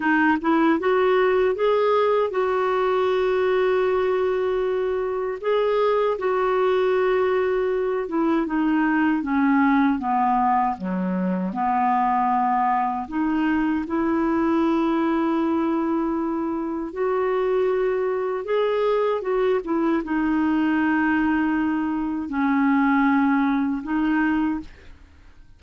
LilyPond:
\new Staff \with { instrumentName = "clarinet" } { \time 4/4 \tempo 4 = 78 dis'8 e'8 fis'4 gis'4 fis'4~ | fis'2. gis'4 | fis'2~ fis'8 e'8 dis'4 | cis'4 b4 fis4 b4~ |
b4 dis'4 e'2~ | e'2 fis'2 | gis'4 fis'8 e'8 dis'2~ | dis'4 cis'2 dis'4 | }